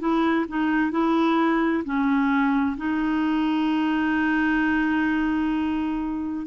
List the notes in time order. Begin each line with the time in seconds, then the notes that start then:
0.00 E4
0.49 D#4
0.92 E4
1.85 C#4
2.78 D#4